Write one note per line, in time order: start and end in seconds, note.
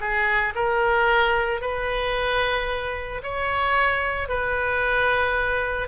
0.00 0.54 G#4
0.55 1.61 A#4
1.61 3.21 B4
3.22 4.28 C#5
4.28 5.88 B4